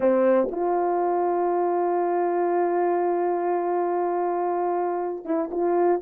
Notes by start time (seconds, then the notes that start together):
0.00 C4
0.51 F4
5.25 E4
5.51 F4